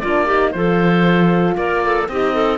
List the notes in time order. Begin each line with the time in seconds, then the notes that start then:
0.00 A#3 D4 F4 D5
0.26 D#4 G4
0.52 F3 F4 A4 C5
1.57 A#3 A#4 D5
1.85 A4
2.08 C4 D#4 G4 D#5
2.33 A4